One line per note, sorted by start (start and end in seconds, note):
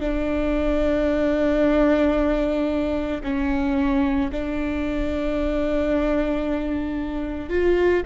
0.00 3.21 D4
3.23 4.31 C#4
4.32 7.50 D4
7.50 8.03 F4